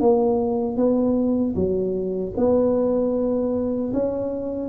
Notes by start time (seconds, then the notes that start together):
0.00 A#3
0.77 B3
1.55 F#3
2.37 B3
3.93 C#4